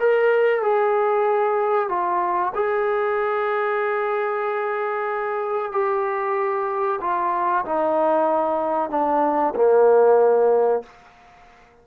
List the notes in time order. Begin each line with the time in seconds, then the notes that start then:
0.00 A#4
0.62 G#4
1.89 F4
2.55 G#4
5.72 G4
7.01 F4
7.66 D#4
8.90 D4
9.56 A#3